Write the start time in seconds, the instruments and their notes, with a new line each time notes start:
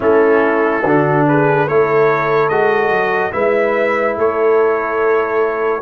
0.00 tuba A3, trombone C#4, horn E4, trumpet A4
0.83 tuba D3, trombone D4, horn F#4
1.28 horn G#4, trumpet B4
1.67 tuba A3, trombone E4, horn A4, trumpet C#5
2.48 tuba G#3, trombone F#4, trumpet D#5
2.90 tuba F#3
3.32 tuba G#3, trombone E4, horn B4, trumpet E5
4.17 tuba A3, horn A4, trumpet C#5